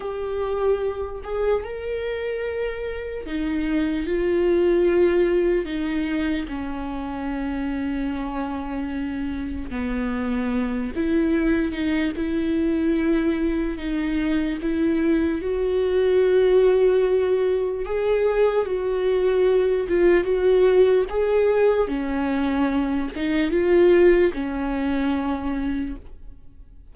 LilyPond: \new Staff \with { instrumentName = "viola" } { \time 4/4 \tempo 4 = 74 g'4. gis'8 ais'2 | dis'4 f'2 dis'4 | cis'1 | b4. e'4 dis'8 e'4~ |
e'4 dis'4 e'4 fis'4~ | fis'2 gis'4 fis'4~ | fis'8 f'8 fis'4 gis'4 cis'4~ | cis'8 dis'8 f'4 cis'2 | }